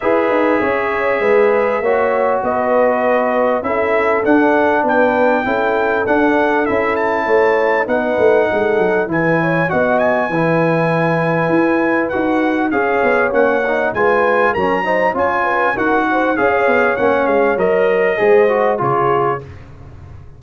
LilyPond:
<<
  \new Staff \with { instrumentName = "trumpet" } { \time 4/4 \tempo 4 = 99 e''1 | dis''2 e''4 fis''4 | g''2 fis''4 e''8 a''8~ | a''4 fis''2 gis''4 |
fis''8 gis''2.~ gis''8 | fis''4 f''4 fis''4 gis''4 | ais''4 gis''4 fis''4 f''4 | fis''8 f''8 dis''2 cis''4 | }
  \new Staff \with { instrumentName = "horn" } { \time 4/4 b'4 cis''4 b'4 cis''4 | b'2 a'2 | b'4 a'2. | cis''4 b'4 a'4 b'8 cis''8 |
dis''4 b'2.~ | b'4 cis''2 b'4 | ais'8 c''8 cis''8 b'8 ais'8 c''8 cis''4~ | cis''2 c''4 gis'4 | }
  \new Staff \with { instrumentName = "trombone" } { \time 4/4 gis'2. fis'4~ | fis'2 e'4 d'4~ | d'4 e'4 d'4 e'4~ | e'4 dis'2 e'4 |
fis'4 e'2. | fis'4 gis'4 cis'8 dis'8 f'4 | cis'8 dis'8 f'4 fis'4 gis'4 | cis'4 ais'4 gis'8 fis'8 f'4 | }
  \new Staff \with { instrumentName = "tuba" } { \time 4/4 e'8 dis'8 cis'4 gis4 ais4 | b2 cis'4 d'4 | b4 cis'4 d'4 cis'4 | a4 b8 a8 gis8 fis8 e4 |
b4 e2 e'4 | dis'4 cis'8 b8 ais4 gis4 | fis4 cis'4 dis'4 cis'8 b8 | ais8 gis8 fis4 gis4 cis4 | }
>>